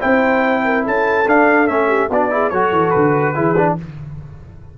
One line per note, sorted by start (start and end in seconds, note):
0.00 0.87 C4
0.00 1.25 E4
0.00 0.63 C5
0.00 0.85 G5
0.65 0.84 A#4
0.84 1.27 C#4
0.84 1.88 A4
0.84 1.29 A5
1.27 1.69 D4
1.27 1.68 D4
1.27 1.68 F5
1.68 2.10 A3
1.68 2.10 C#4
1.68 2.09 E5
1.88 2.09 G4
2.10 2.52 B3
2.10 2.31 D4
2.10 2.32 F#4
2.10 2.50 D5
2.31 2.51 E4
2.31 2.53 G#4
2.50 2.72 F#3
2.50 3.35 F#4
2.50 3.35 A4
2.50 2.91 C#5
2.72 2.93 E3
2.91 3.37 D3
2.91 3.74 B4
3.35 3.79 E3
3.35 3.56 E4
3.35 3.77 G#4
3.57 3.78 D4